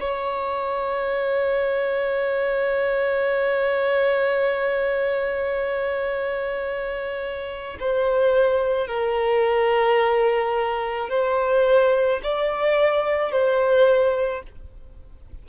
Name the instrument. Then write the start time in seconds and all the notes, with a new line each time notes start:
violin
0.00 C#5
7.80 C5
8.87 A#4
11.09 C5
12.23 D5
13.31 C5